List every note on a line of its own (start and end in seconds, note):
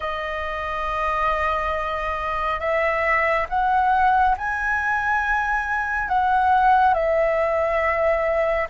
0.00 2.60 D#5
2.60 3.47 E5
3.49 4.36 F#5
4.37 6.08 G#5
6.08 6.94 F#5
6.94 8.68 E5